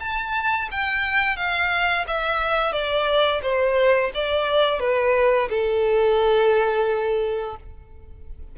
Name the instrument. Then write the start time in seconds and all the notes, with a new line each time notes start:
violin
0.00 A5
0.71 G5
1.36 F5
2.07 E5
2.72 D5
3.42 C5
4.14 D5
4.80 B4
5.50 A4